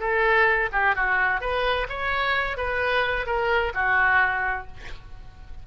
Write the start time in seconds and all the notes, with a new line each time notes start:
0.00 A4
0.72 G4
0.96 F#4
1.41 B4
1.89 C#5
2.57 B4
3.26 A#4
3.74 F#4